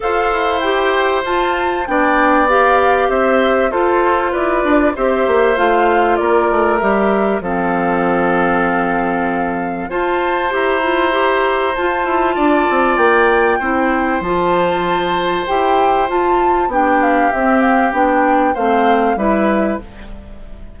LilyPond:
<<
  \new Staff \with { instrumentName = "flute" } { \time 4/4 \tempo 4 = 97 f''4 g''4 a''4 g''4 | f''4 e''4 c''4 d''4 | e''4 f''4 d''4 e''4 | f''1 |
a''4 ais''2 a''4~ | a''4 g''2 a''4~ | a''4 g''4 a''4 g''8 f''8 | e''8 f''8 g''4 f''4 e''4 | }
  \new Staff \with { instrumentName = "oboe" } { \time 4/4 c''2. d''4~ | d''4 c''4 a'4 b'4 | c''2 ais'2 | a'1 |
c''1 | d''2 c''2~ | c''2. g'4~ | g'2 c''4 b'4 | }
  \new Staff \with { instrumentName = "clarinet" } { \time 4/4 a'4 g'4 f'4 d'4 | g'2 f'2 | g'4 f'2 g'4 | c'1 |
f'4 g'8 f'8 g'4 f'4~ | f'2 e'4 f'4~ | f'4 g'4 f'4 d'4 | c'4 d'4 c'4 e'4 | }
  \new Staff \with { instrumentName = "bassoon" } { \time 4/4 f'8 e'4. f'4 b4~ | b4 c'4 f'4 e'8 d'8 | c'8 ais8 a4 ais8 a8 g4 | f1 |
f'4 e'2 f'8 e'8 | d'8 c'8 ais4 c'4 f4~ | f4 e'4 f'4 b4 | c'4 b4 a4 g4 | }
>>